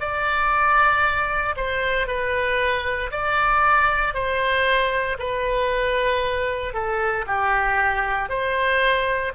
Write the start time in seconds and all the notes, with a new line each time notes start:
0.00 D5
1.57 C5
2.07 B4
3.12 D5
4.14 C5
5.19 B4
6.74 A4
7.27 G4
8.29 C5